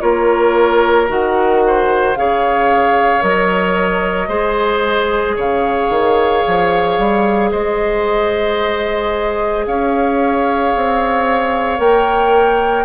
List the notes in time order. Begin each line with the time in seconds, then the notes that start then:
0.00 A#3 F4 A#4 C#5
1.07 D#3 F#4 F#5
1.67 C5
2.16 C#3 G#4 C#5 F5
3.20 F#3 A#4 D#5
4.28 G#3 G#4 C5
5.35 C#3 C#5 F5
5.89 D#3
6.47 F3
6.98 G3
7.51 G#3 C5 D#5
9.66 C#4 C#5 F5
10.75 C4
11.78 A#3 A#4 G5